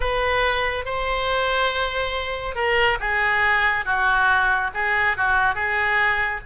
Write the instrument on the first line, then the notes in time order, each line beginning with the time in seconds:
oboe
0.00 B4
0.85 C5
2.55 A#4
3.00 G#4
3.85 F#4
4.74 G#4
5.16 F#4
5.54 G#4